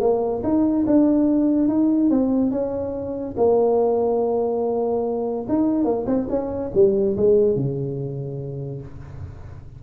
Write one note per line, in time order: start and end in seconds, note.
0.00 0.42 A#3
0.43 0.85 D#4
0.86 1.68 D4
1.68 2.10 D#4
2.10 2.51 C4
2.51 3.35 C#4
3.37 5.46 A#3
5.48 5.84 D#4
5.84 6.05 A#3
6.06 6.27 C4
6.29 6.71 C#4
6.74 7.16 G3
7.17 7.55 G#3
7.55 8.81 C#3